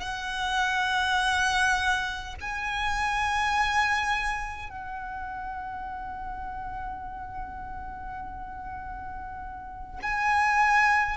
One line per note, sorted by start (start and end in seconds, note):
0.00 2.35 F#5
2.41 4.70 G#5
4.70 9.99 F#5
10.02 11.17 G#5